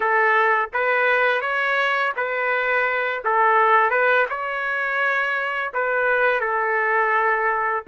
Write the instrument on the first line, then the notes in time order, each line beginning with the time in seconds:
trumpet
0.00 A4
0.73 B4
1.41 C#5
2.16 B4
3.24 A4
3.90 B4
4.29 C#5
5.73 B4
6.40 A4